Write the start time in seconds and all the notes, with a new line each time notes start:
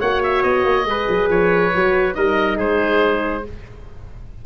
0.00 A#3 F#4 C#5 F#5
0.24 E5
0.43 B3 D#5
0.65 A#3
0.85 G#3 G#4 B4
1.09 F#3
1.30 F3 C#5
1.76 F#3 F#4
2.14 G3 D#4 A#4 D#5
2.58 G#3 G#4 C5